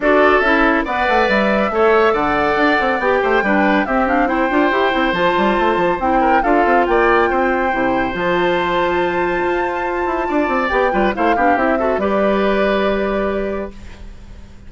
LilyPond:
<<
  \new Staff \with { instrumentName = "flute" } { \time 4/4 \tempo 4 = 140 d''4 e''4 fis''4 e''4~ | e''4 fis''2 g''4~ | g''4 e''8 f''8 g''2 | a''2 g''4 f''4 |
g''2. a''4~ | a''1~ | a''4 g''4 f''4 e''4 | d''1 | }
  \new Staff \with { instrumentName = "oboe" } { \time 4/4 a'2 d''2 | cis''4 d''2~ d''8 c''8 | b'4 g'4 c''2~ | c''2~ c''8 ais'8 a'4 |
d''4 c''2.~ | c''1 | d''4. b'8 c''8 g'4 a'8 | b'1 | }
  \new Staff \with { instrumentName = "clarinet" } { \time 4/4 fis'4 e'4 b'2 | a'2. g'4 | d'4 c'8 d'8 e'8 f'8 g'8 e'8 | f'2 e'4 f'4~ |
f'2 e'4 f'4~ | f'1~ | f'4 g'8 f'8 e'8 d'8 e'8 fis'8 | g'1 | }
  \new Staff \with { instrumentName = "bassoon" } { \time 4/4 d'4 cis'4 b8 a8 g4 | a4 d4 d'8 c'8 b8 a8 | g4 c'4. d'8 e'8 c'8 | f8 g8 a8 f8 c'4 d'8 c'8 |
ais4 c'4 c4 f4~ | f2 f'4. e'8 | d'8 c'8 b8 g8 a8 b8 c'4 | g1 | }
>>